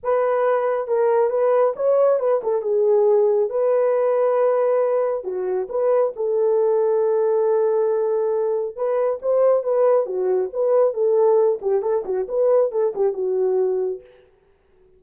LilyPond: \new Staff \with { instrumentName = "horn" } { \time 4/4 \tempo 4 = 137 b'2 ais'4 b'4 | cis''4 b'8 a'8 gis'2 | b'1 | fis'4 b'4 a'2~ |
a'1 | b'4 c''4 b'4 fis'4 | b'4 a'4. g'8 a'8 fis'8 | b'4 a'8 g'8 fis'2 | }